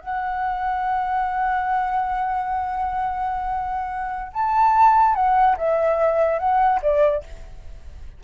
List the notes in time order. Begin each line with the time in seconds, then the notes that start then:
0.00 F#5
4.33 A5
5.15 F#5
5.57 E5
6.38 F#5
6.82 D5